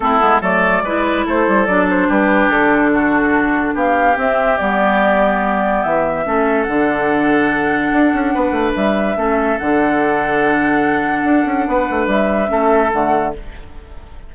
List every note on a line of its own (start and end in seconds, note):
0.00 0.19 A3
0.00 0.19 C4
0.00 0.41 E4
0.00 0.42 A4
0.19 0.41 G#3
0.19 0.40 B3
0.41 0.82 F#3
0.41 0.83 A3
0.41 0.82 A4
0.41 1.26 D5
0.82 1.24 G#3
0.82 1.68 E4
0.82 1.26 B4
1.26 1.47 A3
1.26 2.08 A4
1.26 1.65 C5
1.47 1.67 G3
1.65 2.08 F#3
1.65 4.15 D4
1.65 1.86 D5
1.89 2.10 C5
2.08 2.49 G3
2.08 2.91 G4
2.08 2.49 B4
2.49 3.74 D3
2.49 3.74 A4
2.93 3.74 F#4
3.74 4.16 B3
3.74 6.24 G4
3.74 4.18 F5
4.15 4.57 C4
4.15 4.58 C4
4.15 4.57 E5
4.57 5.84 G3
4.57 6.25 B3
4.57 5.82 D5
5.83 6.25 E3
5.83 6.63 E5
6.25 6.67 A3
6.25 6.66 C#4
6.25 8.34 A4
6.63 7.92 D3
6.63 9.16 D4
6.63 8.71 F#5
7.92 8.12 D4
8.13 8.34 C#4
8.34 8.51 B3
8.34 9.17 B4
8.51 8.72 A3
8.75 9.16 G3
8.75 9.58 E5
9.16 9.58 A3
9.16 9.58 C#4
9.16 11.68 A4
9.58 11.23 D3
9.58 12.47 D4
9.58 12.08 F#5
11.23 11.44 D4
11.45 11.66 C#4
11.67 11.88 B3
11.67 12.51 B4
11.90 12.07 A3
12.07 12.48 G3
12.07 12.92 E5
12.47 12.92 A3
12.47 12.88 C#4
12.47 13.34 A4
12.92 13.34 D3
12.92 13.33 A3
12.92 13.34 F#5